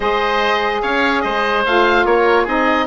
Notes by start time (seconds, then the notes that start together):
0.00 G#3 G#4 C5 D#5
0.82 C#4 C#5 F5
1.21 G#3 C5 D#5
1.65 A3 F4 F5
2.05 A#3 A#4 C#5
2.43 C4 D#4 G#4 D#5